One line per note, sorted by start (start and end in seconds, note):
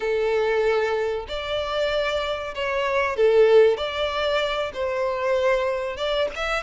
0.00 1.26 A4
1.28 2.54 D5
2.54 3.16 C#5
3.16 3.77 A4
3.77 4.72 D5
4.73 5.96 C5
5.96 6.28 D5
6.35 6.63 E5